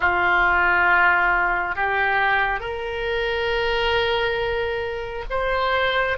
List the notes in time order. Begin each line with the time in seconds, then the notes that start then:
0.00 F4
1.75 G4
2.60 A#4
5.29 C5